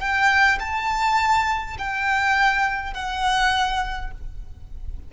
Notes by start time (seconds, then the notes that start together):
0.00 G5
0.60 A5
1.79 G5
2.94 F#5